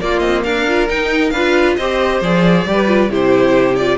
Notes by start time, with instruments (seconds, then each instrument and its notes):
0.00 viola A#3, cello A#3, violin F4 D5
0.19 cello C4, violin D#5
0.43 cello D4, violin A#4 F5
0.67 viola F4
0.88 viola D#4, cello D#4, violin G5
1.30 cello D4, violin B4 F5
1.36 viola F4
1.76 cello C4, viola G4, violin C5 D#5
2.21 cello F3, viola G#4, violin D5
2.66 cello G3, viola G4, violin B4
2.87 viola F4
3.09 cello C3, viola E4, violin G4 C5
3.75 viola F4, violin D5